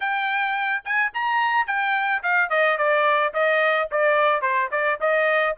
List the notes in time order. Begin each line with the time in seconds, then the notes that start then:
0.00 G5
0.84 G#5
1.14 A#5
1.66 G5
2.22 F5
2.49 D#5
2.77 D5
3.33 D#5
3.91 D5
4.41 C5
4.71 D5
5.00 D#5